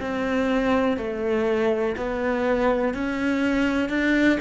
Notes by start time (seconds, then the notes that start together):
0.00 C4
0.97 A3
1.96 B3
2.94 C#4
3.89 D4